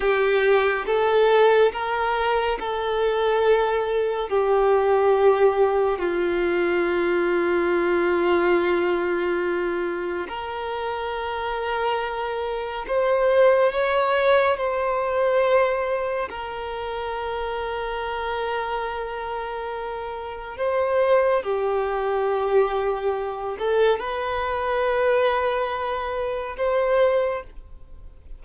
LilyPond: \new Staff \with { instrumentName = "violin" } { \time 4/4 \tempo 4 = 70 g'4 a'4 ais'4 a'4~ | a'4 g'2 f'4~ | f'1 | ais'2. c''4 |
cis''4 c''2 ais'4~ | ais'1 | c''4 g'2~ g'8 a'8 | b'2. c''4 | }